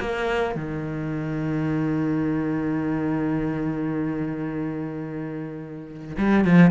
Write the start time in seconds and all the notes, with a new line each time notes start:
0.00 A#3
0.56 D#3
6.18 G3
6.45 F3